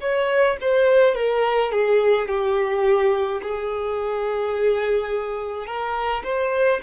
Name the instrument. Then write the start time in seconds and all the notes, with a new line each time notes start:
violin
0.00 C#5
0.61 C5
1.15 A#4
1.71 G#4
2.28 G4
3.42 G#4
5.66 A#4
6.24 C5